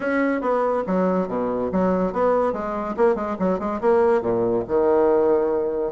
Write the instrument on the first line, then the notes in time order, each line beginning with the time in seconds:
bassoon
0.00 C#4
0.41 B3
0.87 F#3
1.28 B2
1.72 F#3
2.12 B3
2.52 G#3
2.97 A#3
3.15 G#3
3.39 F#3
3.59 G#3
3.80 A#3
4.21 A#2
4.67 D#3